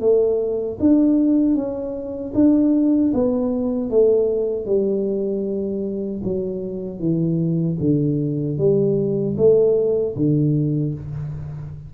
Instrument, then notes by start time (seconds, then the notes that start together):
tuba
0.00 A3
0.80 D4
1.55 C#4
2.34 D4
3.13 B3
3.90 A3
4.66 G3
6.24 F#3
7.00 E3
7.80 D3
8.58 G3
9.37 A3
10.16 D3